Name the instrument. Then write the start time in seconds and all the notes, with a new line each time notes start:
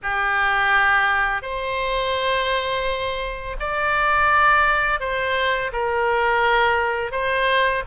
oboe
0.02 G4
1.42 C5
3.59 D5
5.00 C5
5.72 A#4
7.11 C5